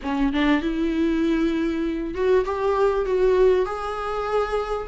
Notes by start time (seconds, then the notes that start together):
0.02 C#4
0.33 D4
0.61 E4
2.14 F#4
2.45 G4
3.05 F#4
3.65 G#4